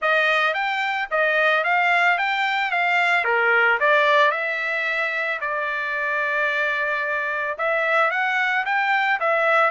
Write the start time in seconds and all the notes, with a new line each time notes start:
0.01 D#5
0.54 G5
1.10 D#5
1.64 F5
2.17 G5
2.71 F5
3.24 A#4
3.80 D5
4.31 E5
5.41 D5
7.57 E5
8.10 F#5
8.65 G5
9.19 E5